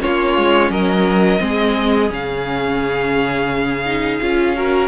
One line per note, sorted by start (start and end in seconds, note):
0.00 0.37 A#3
0.00 1.38 C#4
0.00 0.71 F4
0.00 0.71 C#5
0.37 0.70 G#3
0.70 1.40 F#3
0.70 1.41 A#4
0.70 2.10 D#5
1.38 2.10 G#3
1.38 2.08 C4
1.38 4.56 G#4
2.10 4.20 C#3
2.10 3.84 C#4
2.10 4.88 F5
3.86 4.21 D#4
4.21 4.88 C#4
4.21 4.56 F4
4.56 4.88 F#4
4.56 4.88 A#4